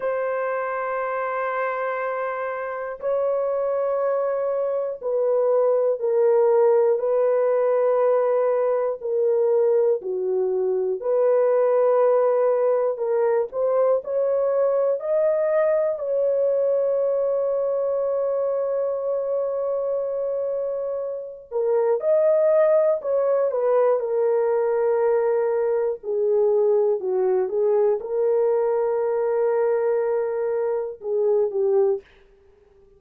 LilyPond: \new Staff \with { instrumentName = "horn" } { \time 4/4 \tempo 4 = 60 c''2. cis''4~ | cis''4 b'4 ais'4 b'4~ | b'4 ais'4 fis'4 b'4~ | b'4 ais'8 c''8 cis''4 dis''4 |
cis''1~ | cis''4. ais'8 dis''4 cis''8 b'8 | ais'2 gis'4 fis'8 gis'8 | ais'2. gis'8 g'8 | }